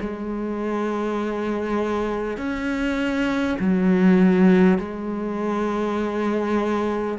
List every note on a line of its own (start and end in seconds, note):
0.00 2.37 G#3
2.37 3.57 C#4
3.59 4.78 F#3
4.78 7.18 G#3